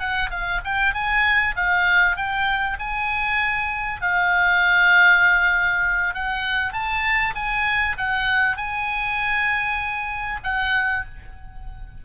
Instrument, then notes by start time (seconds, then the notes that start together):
oboe
0.00 F#5
0.31 F5
0.65 G5
0.94 G#5
1.56 F5
2.17 G5
2.79 G#5
4.02 F5
6.15 F#5
6.73 A5
7.36 G#5
7.98 F#5
8.57 G#5
10.44 F#5